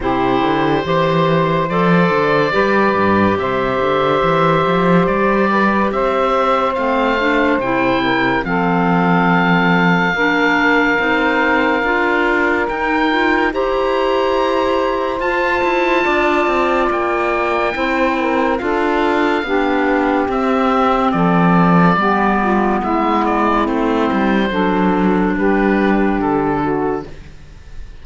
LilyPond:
<<
  \new Staff \with { instrumentName = "oboe" } { \time 4/4 \tempo 4 = 71 c''2 d''2 | e''2 d''4 e''4 | f''4 g''4 f''2~ | f''2. g''4 |
ais''2 a''2 | g''2 f''2 | e''4 d''2 e''8 d''8 | c''2 b'4 a'4 | }
  \new Staff \with { instrumentName = "saxophone" } { \time 4/4 g'4 c''2 b'4 | c''2~ c''8 b'8 c''4~ | c''4. ais'8 a'2 | ais'1 |
c''2. d''4~ | d''4 c''8 ais'8 a'4 g'4~ | g'4 a'4 g'8 f'8 e'4~ | e'4 a'4 g'4. fis'8 | }
  \new Staff \with { instrumentName = "clarinet" } { \time 4/4 e'4 g'4 a'4 g'4~ | g'1 | c'8 d'8 e'4 c'2 | d'4 dis'4 f'4 dis'8 f'8 |
g'2 f'2~ | f'4 e'4 f'4 d'4 | c'2 b2 | c'4 d'2. | }
  \new Staff \with { instrumentName = "cello" } { \time 4/4 c8 d8 e4 f8 d8 g8 g,8 | c8 d8 e8 f8 g4 c'4 | a4 c4 f2 | ais4 c'4 d'4 dis'4 |
e'2 f'8 e'8 d'8 c'8 | ais4 c'4 d'4 b4 | c'4 f4 g4 gis4 | a8 g8 fis4 g4 d4 | }
>>